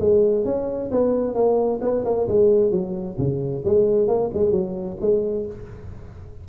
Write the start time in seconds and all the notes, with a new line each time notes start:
0.00 G#3
0.45 C#4
0.91 B3
1.34 A#3
1.81 B3
2.05 A#3
2.28 G#3
2.71 F#3
3.18 C#3
3.65 G#3
4.07 A#3
4.34 G#3
4.52 F#3
5.01 G#3